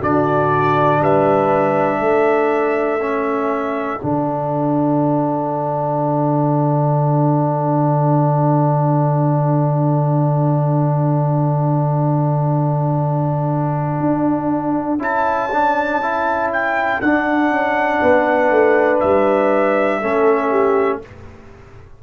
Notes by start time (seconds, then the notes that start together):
0.00 D3 D4 F#4 D5
1.00 G3 B4 E5
2.00 A3 A4
3.00 C#4
4.02 D3 D4 F#5
14.00 D4
14.98 C#4 E4 A5
15.53 D4
16.02 E4
16.53 G5
17.01 D4 F#5
17.50 C#4
18.02 B3 B4
18.50 A3
19.00 G3 E5
20.01 A3 C#4 A4
20.51 G4